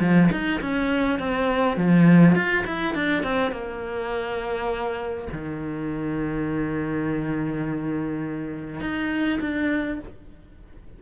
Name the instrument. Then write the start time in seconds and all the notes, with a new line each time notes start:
cello
0.00 F3
0.32 D#4
0.61 C#4
1.19 C4
1.77 F3
2.35 F4
2.67 E4
2.95 D4
3.23 C4
3.52 A#3
5.33 D#3
8.80 D#4
9.41 D4